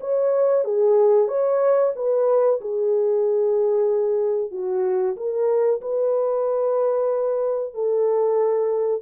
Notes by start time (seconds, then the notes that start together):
0.00 C#5
0.64 G#4
1.28 C#5
1.95 B4
2.60 G#4
4.51 F#4
5.16 A#4
5.81 B4
7.74 A4